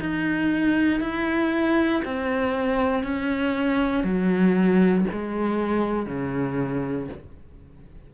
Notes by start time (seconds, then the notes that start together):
0.00 D#4
1.00 E4
2.04 C4
3.03 C#4
4.04 F#3
5.12 G#3
6.06 C#3